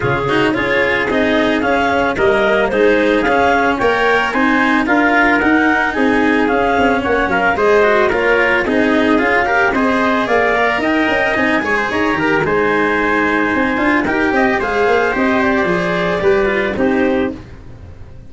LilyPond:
<<
  \new Staff \with { instrumentName = "clarinet" } { \time 4/4 \tempo 4 = 111 gis'4 cis''4 dis''4 f''4 | dis''4 c''4 f''4 g''4 | gis''4 f''4 fis''4 gis''4 | f''4 fis''8 f''8 dis''4 cis''4 |
dis''4 f''4 dis''4 f''4 | g''4 gis''4 ais''4 gis''4~ | gis''2 g''4 f''4 | dis''8 d''2~ d''8 c''4 | }
  \new Staff \with { instrumentName = "trumpet" } { \time 4/4 f'8 fis'8 gis'2. | ais'4 gis'2 cis''4 | c''4 ais'2 gis'4~ | gis'4 cis''8 ais'8 c''4 ais'4 |
gis'4. ais'8 c''4 d''4 | dis''4. cis''16 c''16 cis''8 ais'8 c''4~ | c''2 ais'8 dis''8 c''4~ | c''2 b'4 g'4 | }
  \new Staff \with { instrumentName = "cello" } { \time 4/4 cis'8 dis'8 f'4 dis'4 cis'4 | ais4 dis'4 cis'4 ais'4 | dis'4 f'4 dis'2 | cis'2 gis'8 fis'8 f'4 |
dis'4 f'8 g'8 gis'4. ais'8~ | ais'4 dis'8 gis'4 g'8 dis'4~ | dis'4. f'8 g'4 gis'4 | g'4 gis'4 g'8 f'8 dis'4 | }
  \new Staff \with { instrumentName = "tuba" } { \time 4/4 cis4 cis'4 c'4 cis'4 | g4 gis4 cis'4 ais4 | c'4 d'4 dis'4 c'4 | cis'8 c'8 ais8 fis8 gis4 ais4 |
c'4 cis'4 c'4 ais4 | dis'8 cis'8 c'8 gis8 dis'8 dis8 gis4~ | gis4 c'8 d'8 dis'8 c'8 gis8 ais8 | c'4 f4 g4 c'4 | }
>>